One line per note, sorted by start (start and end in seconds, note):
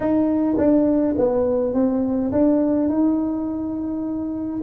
0.00 0.56 D#4
0.57 1.15 D4
1.17 1.73 B3
1.73 2.31 C4
2.32 2.88 D4
2.88 4.61 D#4